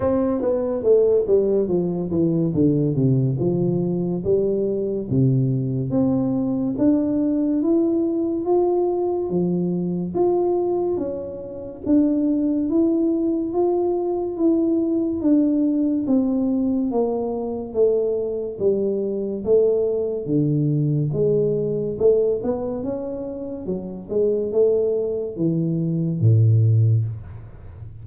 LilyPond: \new Staff \with { instrumentName = "tuba" } { \time 4/4 \tempo 4 = 71 c'8 b8 a8 g8 f8 e8 d8 c8 | f4 g4 c4 c'4 | d'4 e'4 f'4 f4 | f'4 cis'4 d'4 e'4 |
f'4 e'4 d'4 c'4 | ais4 a4 g4 a4 | d4 gis4 a8 b8 cis'4 | fis8 gis8 a4 e4 a,4 | }